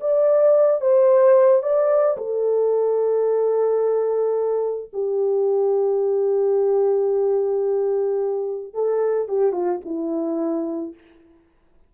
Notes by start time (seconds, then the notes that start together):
0.00 D5
0.81 C5
1.63 D5
2.17 A4
4.93 G4
8.74 A4
9.28 G4
9.52 F4
9.85 E4